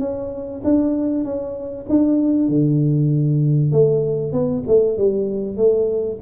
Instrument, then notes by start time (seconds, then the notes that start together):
tuba
0.00 C#4
0.64 D4
1.25 C#4
1.90 D4
2.49 D3
3.72 A3
4.33 B3
4.68 A3
4.98 G3
5.57 A3